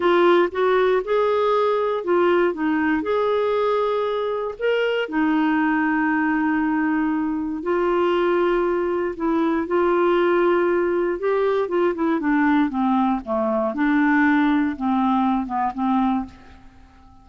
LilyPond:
\new Staff \with { instrumentName = "clarinet" } { \time 4/4 \tempo 4 = 118 f'4 fis'4 gis'2 | f'4 dis'4 gis'2~ | gis'4 ais'4 dis'2~ | dis'2. f'4~ |
f'2 e'4 f'4~ | f'2 g'4 f'8 e'8 | d'4 c'4 a4 d'4~ | d'4 c'4. b8 c'4 | }